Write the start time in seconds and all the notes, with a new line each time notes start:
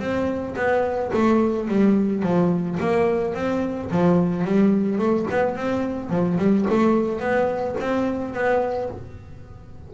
0.00 C4
0.56 B3
1.14 A3
1.68 G3
2.23 F3
2.80 A#3
3.35 C4
3.91 F3
4.45 G3
4.99 A3
5.31 B3
5.57 C4
6.10 F3
6.38 G3
6.70 A3
7.20 B3
7.80 C4
8.34 B3